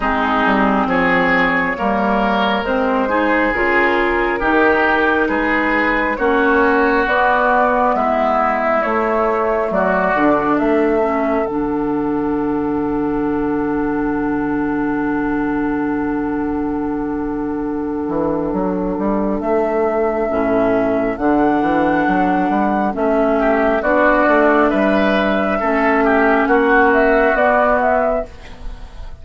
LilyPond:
<<
  \new Staff \with { instrumentName = "flute" } { \time 4/4 \tempo 4 = 68 gis'4 cis''2 c''4 | ais'2 b'4 cis''4 | d''4 e''4 cis''4 d''4 | e''4 fis''2.~ |
fis''1~ | fis''2 e''2 | fis''2 e''4 d''4 | e''2 fis''8 e''8 d''8 e''8 | }
  \new Staff \with { instrumentName = "oboe" } { \time 4/4 dis'4 gis'4 ais'4. gis'8~ | gis'4 g'4 gis'4 fis'4~ | fis'4 e'2 fis'4 | a'1~ |
a'1~ | a'1~ | a'2~ a'8 g'8 fis'4 | b'4 a'8 g'8 fis'2 | }
  \new Staff \with { instrumentName = "clarinet" } { \time 4/4 c'2 ais4 c'8 dis'8 | f'4 dis'2 cis'4 | b2 a4. d'8~ | d'8 cis'8 d'2.~ |
d'1~ | d'2. cis'4 | d'2 cis'4 d'4~ | d'4 cis'2 b4 | }
  \new Staff \with { instrumentName = "bassoon" } { \time 4/4 gis8 g8 f4 g4 gis4 | cis4 dis4 gis4 ais4 | b4 gis4 a4 fis8 d8 | a4 d2.~ |
d1~ | d8 e8 fis8 g8 a4 a,4 | d8 e8 fis8 g8 a4 b8 a8 | g4 a4 ais4 b4 | }
>>